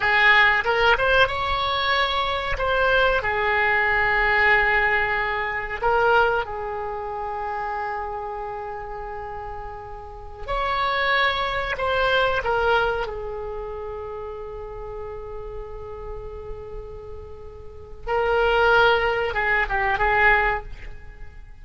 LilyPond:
\new Staff \with { instrumentName = "oboe" } { \time 4/4 \tempo 4 = 93 gis'4 ais'8 c''8 cis''2 | c''4 gis'2.~ | gis'4 ais'4 gis'2~ | gis'1~ |
gis'16 cis''2 c''4 ais'8.~ | ais'16 gis'2.~ gis'8.~ | gis'1 | ais'2 gis'8 g'8 gis'4 | }